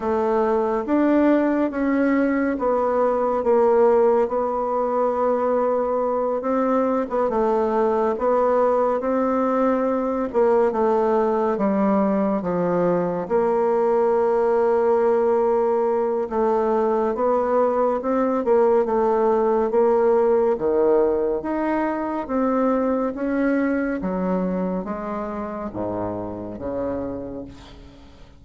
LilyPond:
\new Staff \with { instrumentName = "bassoon" } { \time 4/4 \tempo 4 = 70 a4 d'4 cis'4 b4 | ais4 b2~ b8 c'8~ | c'16 b16 a4 b4 c'4. | ais8 a4 g4 f4 ais8~ |
ais2. a4 | b4 c'8 ais8 a4 ais4 | dis4 dis'4 c'4 cis'4 | fis4 gis4 gis,4 cis4 | }